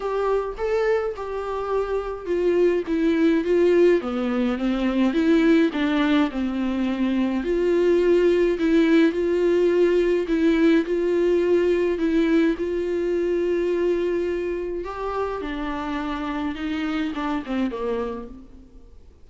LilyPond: \new Staff \with { instrumentName = "viola" } { \time 4/4 \tempo 4 = 105 g'4 a'4 g'2 | f'4 e'4 f'4 b4 | c'4 e'4 d'4 c'4~ | c'4 f'2 e'4 |
f'2 e'4 f'4~ | f'4 e'4 f'2~ | f'2 g'4 d'4~ | d'4 dis'4 d'8 c'8 ais4 | }